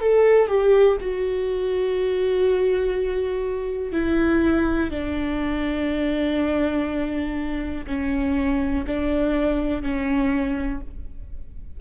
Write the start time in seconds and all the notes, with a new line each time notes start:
0.00 A4
0.48 G4
1.00 F#4
3.92 E4
4.90 D4
7.86 C#4
8.86 D4
9.82 C#4